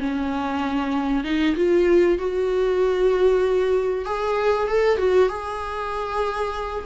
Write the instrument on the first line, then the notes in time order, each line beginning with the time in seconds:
viola
0.00 C#4
1.24 D#4
1.56 F4
2.18 F#4
4.05 G#4
4.68 A4
4.97 F#4
5.28 G#4